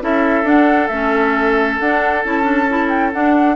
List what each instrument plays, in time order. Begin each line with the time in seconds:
0.00 bassoon C#4, clarinet E4, oboe A4, flute E5
0.44 bassoon D4, clarinet D4, flute F#5
0.87 bassoon A3, clarinet C#4, flute E5
1.79 bassoon D4, clarinet D4, flute F#5
2.24 bassoon C#4, clarinet E4, flute A5
2.42 clarinet D4
2.68 clarinet E4
2.89 flute G5
3.12 clarinet D4, bassoon D4, flute F#5